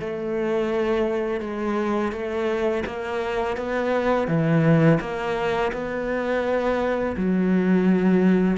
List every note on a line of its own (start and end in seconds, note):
0.00 1.40 A3
1.40 2.12 G#3
2.12 2.83 A3
2.86 3.56 A#3
3.56 4.27 B3
4.27 4.99 E3
5.00 5.72 A#3
5.72 7.15 B3
7.17 8.57 F#3